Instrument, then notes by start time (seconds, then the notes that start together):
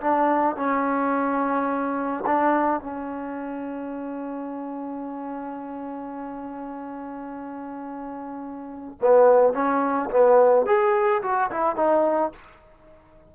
trombone
0.00 D4
0.56 C#4
2.26 D4
2.80 C#4
9.01 B3
9.53 C#4
10.10 B3
10.65 G#4
11.22 F#4
11.50 E4
11.76 D#4